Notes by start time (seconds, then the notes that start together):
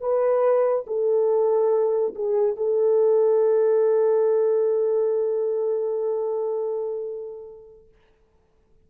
0.00 B4
0.86 A4
2.15 G#4
2.56 A4